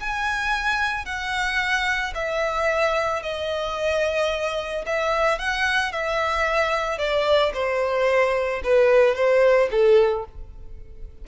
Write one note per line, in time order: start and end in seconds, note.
0.00 1.06 G#5
1.06 2.14 F#5
2.15 3.23 E5
3.23 4.85 D#5
4.86 5.39 E5
5.39 5.93 F#5
5.93 6.99 E5
6.99 7.53 D5
7.54 8.62 C5
8.64 9.15 B4
9.15 9.70 C5
9.71 10.26 A4